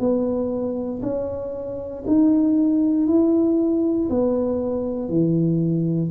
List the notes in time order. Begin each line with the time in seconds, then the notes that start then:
0.00 B3
1.03 C#4
2.07 D#4
3.08 E4
4.10 B3
5.09 E3